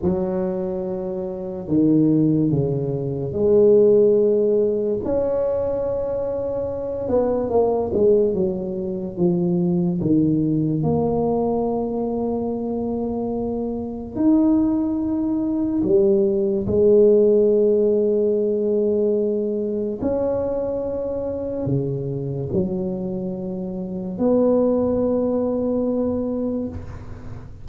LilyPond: \new Staff \with { instrumentName = "tuba" } { \time 4/4 \tempo 4 = 72 fis2 dis4 cis4 | gis2 cis'2~ | cis'8 b8 ais8 gis8 fis4 f4 | dis4 ais2.~ |
ais4 dis'2 g4 | gis1 | cis'2 cis4 fis4~ | fis4 b2. | }